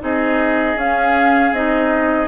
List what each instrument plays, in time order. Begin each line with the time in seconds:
0.00 bassoon C4, clarinet D#4, oboe G#4, flute D#5
0.75 bassoon C#4, clarinet C#4, flute F5
1.52 bassoon C4, clarinet D#4, flute D#5